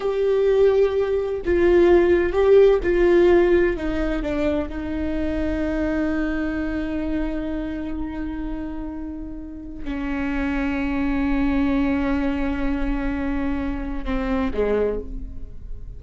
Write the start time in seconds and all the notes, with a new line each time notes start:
0.00 G4
1.45 F4
2.32 G4
2.83 F4
3.76 D#4
4.22 D4
4.69 D#4
9.84 C#4
14.04 C4
14.53 G#3